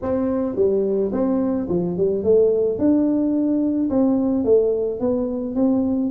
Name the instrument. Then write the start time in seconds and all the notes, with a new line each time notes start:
tuba
0.02 C4
0.55 G3
1.12 C4
1.69 F3
1.97 G3
2.23 A3
2.78 D4
3.89 C4
4.44 A3
4.99 B3
5.55 C4